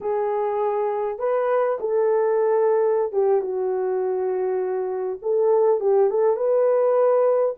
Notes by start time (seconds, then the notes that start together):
0.00 G#4
1.19 B4
1.80 A4
3.12 G4
3.41 F#4
5.22 A4
5.80 G4
6.10 A4
6.36 B4